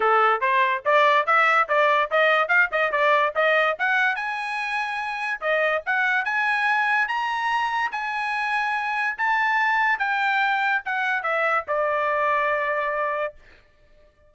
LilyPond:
\new Staff \with { instrumentName = "trumpet" } { \time 4/4 \tempo 4 = 144 a'4 c''4 d''4 e''4 | d''4 dis''4 f''8 dis''8 d''4 | dis''4 fis''4 gis''2~ | gis''4 dis''4 fis''4 gis''4~ |
gis''4 ais''2 gis''4~ | gis''2 a''2 | g''2 fis''4 e''4 | d''1 | }